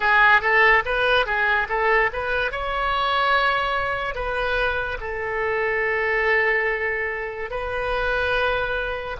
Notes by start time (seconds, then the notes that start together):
0.00 G#4
0.41 A4
0.85 B4
1.25 G#4
1.69 A4
2.12 B4
2.52 C#5
4.14 B4
5.00 A4
7.50 B4